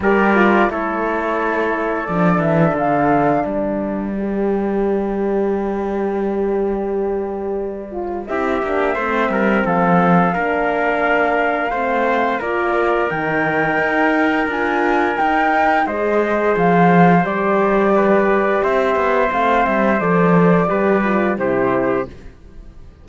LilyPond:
<<
  \new Staff \with { instrumentName = "flute" } { \time 4/4 \tempo 4 = 87 d''4 cis''2 d''8 e''8 | f''4 d''2.~ | d''1 | e''2 f''2~ |
f''2 d''4 g''4~ | g''4 gis''4 g''4 dis''4 | f''4 d''2 e''4 | f''8 e''8 d''2 c''4 | }
  \new Staff \with { instrumentName = "trumpet" } { \time 4/4 ais'4 a'2.~ | a'4 b'2.~ | b'1 | g'4 c''8 ais'8 a'4 ais'4~ |
ais'4 c''4 ais'2~ | ais'2. c''4~ | c''2 b'4 c''4~ | c''2 b'4 g'4 | }
  \new Staff \with { instrumentName = "horn" } { \time 4/4 g'8 f'8 e'2 d'4~ | d'2 g'2~ | g'2.~ g'8 f'8 | e'8 d'8 c'2 d'4~ |
d'4 c'4 f'4 dis'4~ | dis'4 f'4 dis'4 gis'4~ | gis'4 g'2. | c'4 a'4 g'8 f'8 e'4 | }
  \new Staff \with { instrumentName = "cello" } { \time 4/4 g4 a2 f8 e8 | d4 g2.~ | g1 | c'8 ais8 a8 g8 f4 ais4~ |
ais4 a4 ais4 dis4 | dis'4 d'4 dis'4 gis4 | f4 g2 c'8 b8 | a8 g8 f4 g4 c4 | }
>>